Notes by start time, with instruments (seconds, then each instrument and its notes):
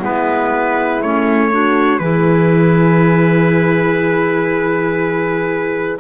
0.00 double bass G#3, clarinet B3, horn E4, trumpet B4
1.02 double bass A3, clarinet C#4, trumpet C#5
1.51 clarinet D4, horn F#4
1.99 double bass E3, clarinet E4, horn G#4, trumpet B4